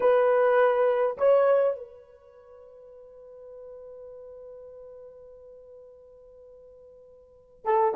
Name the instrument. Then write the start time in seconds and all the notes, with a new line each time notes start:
horn
0.00 B4
1.17 C#5
1.76 B4
7.65 A4